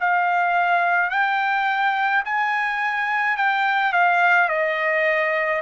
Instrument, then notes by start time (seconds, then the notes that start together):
trumpet
0.00 F5
1.10 G5
2.25 G#5
3.37 G5
3.92 F5
4.48 D#5